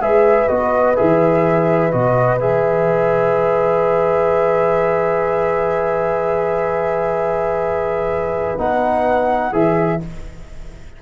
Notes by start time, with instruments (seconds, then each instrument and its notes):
0.00 tuba G#3, trombone G#4, horn B4, flute E5
0.48 tuba B3, trombone F#4, flute D#5
0.96 tuba E3, trombone G#4, flute E5
1.91 tuba B2, trombone F#4, flute D#5
2.40 tuba E3, trombone G#4, flute E5
8.58 tuba B3, trombone D#4, flute F#5
9.52 tuba E3, trombone G#4, flute E5